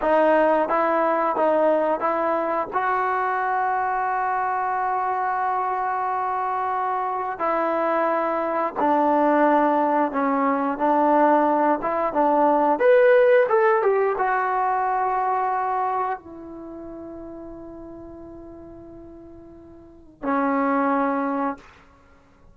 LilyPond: \new Staff \with { instrumentName = "trombone" } { \time 4/4 \tempo 4 = 89 dis'4 e'4 dis'4 e'4 | fis'1~ | fis'2. e'4~ | e'4 d'2 cis'4 |
d'4. e'8 d'4 b'4 | a'8 g'8 fis'2. | e'1~ | e'2 cis'2 | }